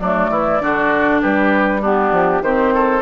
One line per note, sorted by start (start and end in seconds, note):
0.00 0.30 F#3
0.00 0.61 A3
0.00 0.31 D4
0.00 1.21 D5
0.30 0.60 E3
0.30 0.62 E4
0.61 1.23 D3
0.61 1.82 D4
0.61 1.22 F#4
1.22 2.12 G3
1.22 1.82 G4
1.22 1.82 B4
1.82 2.44 B3
1.82 2.42 D4
1.82 2.43 G4
2.12 2.41 F3
2.41 3.02 D#3
2.41 3.02 C4
2.41 2.74 G4
2.41 3.02 C5
2.74 3.02 A4